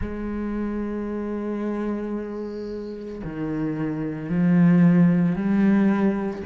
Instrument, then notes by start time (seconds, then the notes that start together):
cello
0.00 G#3
3.24 D#3
4.29 F3
5.35 G3